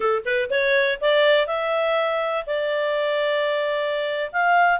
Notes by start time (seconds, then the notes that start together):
0.00 A4
0.25 B4
0.50 C#5
1.01 D5
1.46 E5
2.46 D5
4.32 F5